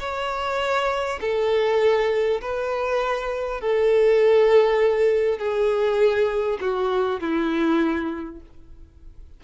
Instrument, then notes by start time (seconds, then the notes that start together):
violin
0.00 C#5
1.21 A4
2.42 B4
3.61 A4
5.39 G#4
6.61 F#4
7.21 E4